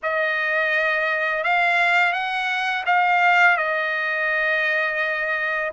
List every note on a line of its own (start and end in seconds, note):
0.02 1.43 D#5
1.43 2.12 F5
2.12 2.84 F#5
2.86 3.57 F5
3.57 5.71 D#5